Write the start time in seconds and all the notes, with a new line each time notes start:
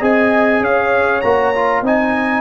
0.00 C4 G#4 D#5 G#5
0.60 C#4 C#5 F5
1.21 A#3 F#4 A#5
1.55 F4
1.82 C4 D#4 D#5 G#5